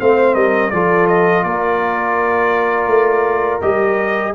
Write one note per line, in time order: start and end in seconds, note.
0.00 0.36 A3
0.00 0.72 C4
0.00 0.35 C5
0.00 0.35 F5
0.35 0.72 G3
0.35 0.71 A#4
0.35 0.71 D#5
0.71 1.44 F3
0.71 3.62 F4
0.71 1.45 A4
0.71 1.07 D5
1.08 1.44 D#5
1.44 2.88 A#3
1.44 4.34 A#4
1.44 3.61 D5
2.88 3.60 A3
3.61 4.35 G3
3.61 4.34 G4
3.61 4.34 D#5